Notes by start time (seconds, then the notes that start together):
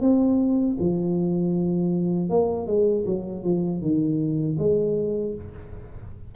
0.00 C4
0.79 F3
2.29 A#3
2.66 G#3
3.06 F#3
3.43 F3
3.81 D#3
4.58 G#3